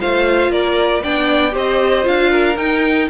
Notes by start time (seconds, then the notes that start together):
0.00 A3 F4 C5 F5
0.49 A#3 A#4 D5
1.03 B3 D4 D5 G5
1.52 C4 G4 C5 D#5
2.03 D4 F4 F5
2.31 A#4
2.57 D#4 G5